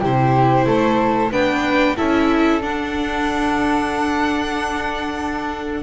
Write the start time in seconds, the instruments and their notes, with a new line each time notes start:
0.00 double bass C3, viola E4, flute G4, violin C5
0.66 double bass A3, flute A4
1.31 double bass B3, viola D4, flute B4, violin G5
1.96 double bass C#4, viola E4, flute A4, violin E5
2.61 double bass D4, viola D4, violin F#5